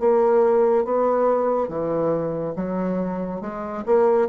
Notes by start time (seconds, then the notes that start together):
0.00 A#3
0.85 B3
1.69 E3
2.56 F#3
3.41 G#3
3.86 A#3